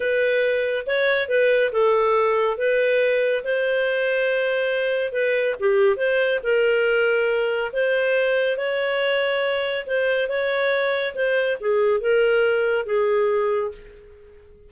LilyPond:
\new Staff \with { instrumentName = "clarinet" } { \time 4/4 \tempo 4 = 140 b'2 cis''4 b'4 | a'2 b'2 | c''1 | b'4 g'4 c''4 ais'4~ |
ais'2 c''2 | cis''2. c''4 | cis''2 c''4 gis'4 | ais'2 gis'2 | }